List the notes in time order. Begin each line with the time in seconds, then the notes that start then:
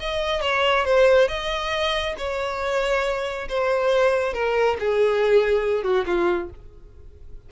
0.00 D#5
0.42 C#5
0.85 C5
1.29 D#5
2.18 C#5
3.49 C5
4.34 A#4
4.80 G#4
5.84 F#4
6.07 F4